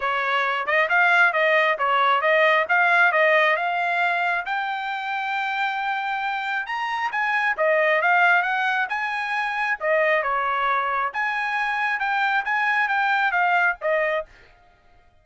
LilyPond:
\new Staff \with { instrumentName = "trumpet" } { \time 4/4 \tempo 4 = 135 cis''4. dis''8 f''4 dis''4 | cis''4 dis''4 f''4 dis''4 | f''2 g''2~ | g''2. ais''4 |
gis''4 dis''4 f''4 fis''4 | gis''2 dis''4 cis''4~ | cis''4 gis''2 g''4 | gis''4 g''4 f''4 dis''4 | }